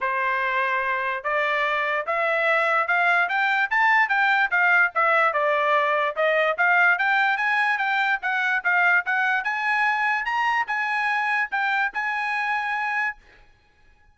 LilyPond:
\new Staff \with { instrumentName = "trumpet" } { \time 4/4 \tempo 4 = 146 c''2. d''4~ | d''4 e''2 f''4 | g''4 a''4 g''4 f''4 | e''4 d''2 dis''4 |
f''4 g''4 gis''4 g''4 | fis''4 f''4 fis''4 gis''4~ | gis''4 ais''4 gis''2 | g''4 gis''2. | }